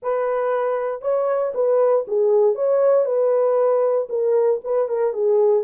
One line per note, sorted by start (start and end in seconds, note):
0.02 1.01 B4
1.01 1.52 C#5
1.54 2.05 B4
2.07 2.55 G#4
2.55 3.05 C#5
3.05 4.07 B4
4.09 4.60 A#4
4.64 4.88 B4
4.88 5.13 A#4
5.13 5.63 G#4